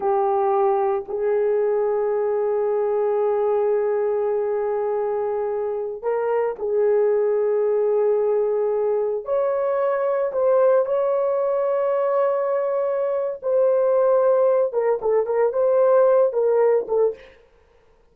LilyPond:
\new Staff \with { instrumentName = "horn" } { \time 4/4 \tempo 4 = 112 g'2 gis'2~ | gis'1~ | gis'2.~ gis'16 ais'8.~ | ais'16 gis'2.~ gis'8.~ |
gis'4~ gis'16 cis''2 c''8.~ | c''16 cis''2.~ cis''8.~ | cis''4 c''2~ c''8 ais'8 | a'8 ais'8 c''4. ais'4 a'8 | }